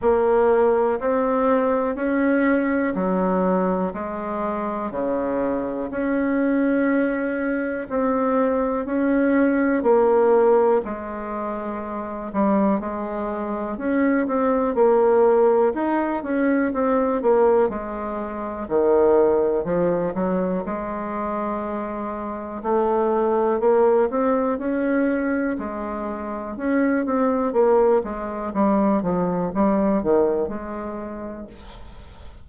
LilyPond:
\new Staff \with { instrumentName = "bassoon" } { \time 4/4 \tempo 4 = 61 ais4 c'4 cis'4 fis4 | gis4 cis4 cis'2 | c'4 cis'4 ais4 gis4~ | gis8 g8 gis4 cis'8 c'8 ais4 |
dis'8 cis'8 c'8 ais8 gis4 dis4 | f8 fis8 gis2 a4 | ais8 c'8 cis'4 gis4 cis'8 c'8 | ais8 gis8 g8 f8 g8 dis8 gis4 | }